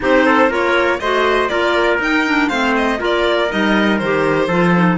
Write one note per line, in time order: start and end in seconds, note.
0.00 0.49 C4
0.00 0.49 D#4
0.00 0.25 G4
0.00 0.52 C5
0.25 0.49 A4
0.49 0.99 A#3
0.49 0.99 F4
0.49 0.99 A#4
0.49 0.99 C#5
0.99 1.49 A3
0.99 1.49 F#4
0.99 1.50 C5
0.99 1.48 D#5
1.48 1.99 A#3
1.48 1.99 F4
1.48 2.48 A#4
1.48 1.98 D5
1.99 2.49 D#4
1.99 2.26 D#4
1.99 2.48 G5
2.27 2.51 D4
2.48 2.99 A3
2.48 2.98 C4
2.48 2.98 C5
2.48 2.73 F5
2.76 3.01 D#5
2.98 3.50 A#3
2.98 3.48 F4
2.98 4.47 A#4
3.04 3.51 D5
3.50 4.01 G3
3.50 4.00 D#4
3.50 3.98 D#5
3.98 4.47 D#3
3.98 4.50 G4
3.98 4.97 C5
4.47 4.97 F3
4.47 4.75 F4
4.47 4.97 A4
4.75 4.97 D#4